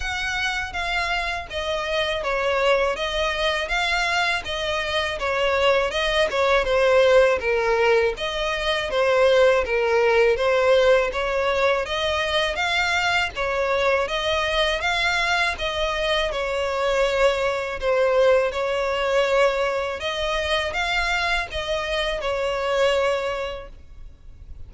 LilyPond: \new Staff \with { instrumentName = "violin" } { \time 4/4 \tempo 4 = 81 fis''4 f''4 dis''4 cis''4 | dis''4 f''4 dis''4 cis''4 | dis''8 cis''8 c''4 ais'4 dis''4 | c''4 ais'4 c''4 cis''4 |
dis''4 f''4 cis''4 dis''4 | f''4 dis''4 cis''2 | c''4 cis''2 dis''4 | f''4 dis''4 cis''2 | }